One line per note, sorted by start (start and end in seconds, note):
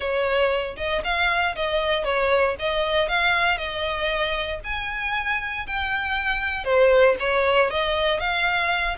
0.00 0.76 C#5
0.76 1.02 D#5
1.04 1.55 F5
1.55 2.04 D#5
2.04 2.55 C#5
2.59 3.08 D#5
3.08 3.57 F5
3.57 4.60 D#5
4.63 5.66 G#5
5.66 6.64 G5
6.64 7.15 C5
7.19 7.70 C#5
7.70 8.19 D#5
8.19 8.96 F5